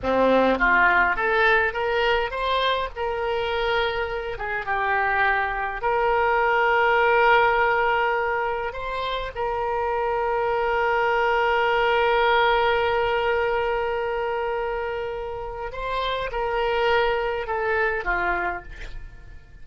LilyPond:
\new Staff \with { instrumentName = "oboe" } { \time 4/4 \tempo 4 = 103 c'4 f'4 a'4 ais'4 | c''4 ais'2~ ais'8 gis'8 | g'2 ais'2~ | ais'2. c''4 |
ais'1~ | ais'1~ | ais'2. c''4 | ais'2 a'4 f'4 | }